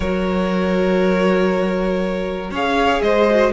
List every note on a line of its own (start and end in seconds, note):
0.00 2.51 F#3
0.00 2.54 F#4
0.00 2.50 A#4
0.00 2.52 C#5
2.50 3.01 C#4
2.50 3.29 G#4
2.50 3.01 C#5
2.50 3.02 F5
3.02 3.52 G#3
3.02 3.52 C5
3.02 3.52 D#5
3.30 3.52 F#4